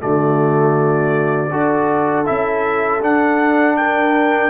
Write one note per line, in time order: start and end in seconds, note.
0.00 1.52 D3
0.00 1.50 A3
0.00 1.52 F#4
0.00 2.26 D5
1.51 2.27 D4
1.51 2.26 F#4
1.51 3.77 A4
2.26 3.02 C#4
2.26 3.01 E4
2.26 3.01 E5
3.02 4.50 D4
3.02 3.77 F#5
3.77 4.50 A#4
3.77 4.50 G5